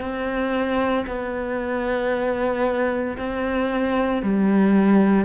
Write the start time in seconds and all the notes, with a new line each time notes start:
0.00 C4
1.06 B3
3.17 C4
4.22 G3